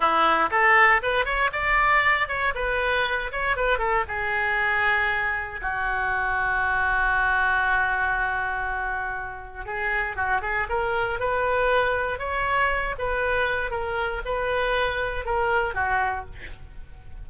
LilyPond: \new Staff \with { instrumentName = "oboe" } { \time 4/4 \tempo 4 = 118 e'4 a'4 b'8 cis''8 d''4~ | d''8 cis''8 b'4. cis''8 b'8 a'8 | gis'2. fis'4~ | fis'1~ |
fis'2. gis'4 | fis'8 gis'8 ais'4 b'2 | cis''4. b'4. ais'4 | b'2 ais'4 fis'4 | }